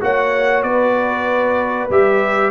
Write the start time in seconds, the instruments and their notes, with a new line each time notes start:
0.00 tuba A#3, trombone F#4, horn C#5, trumpet F#5
0.62 tuba B3, horn B4, trumpet D5
1.89 tuba G3, trombone G4, trumpet E5